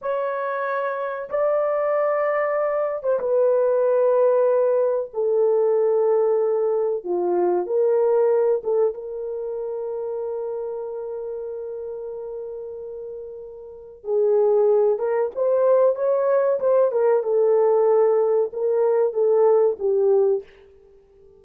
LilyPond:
\new Staff \with { instrumentName = "horn" } { \time 4/4 \tempo 4 = 94 cis''2 d''2~ | d''8. c''16 b'2. | a'2. f'4 | ais'4. a'8 ais'2~ |
ais'1~ | ais'2 gis'4. ais'8 | c''4 cis''4 c''8 ais'8 a'4~ | a'4 ais'4 a'4 g'4 | }